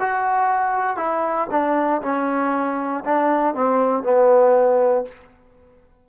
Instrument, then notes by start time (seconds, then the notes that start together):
trombone
0.00 F#4
0.97 E4
1.51 D4
2.02 C#4
3.05 D4
3.55 C4
4.03 B3